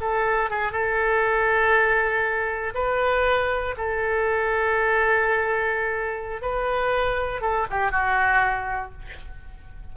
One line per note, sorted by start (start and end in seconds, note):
0.00 0.50 A4
0.50 0.72 G#4
0.72 2.73 A4
2.74 3.75 B4
3.77 6.41 A4
6.41 7.41 B4
7.41 7.66 A4
7.70 7.91 G4
7.91 8.92 F#4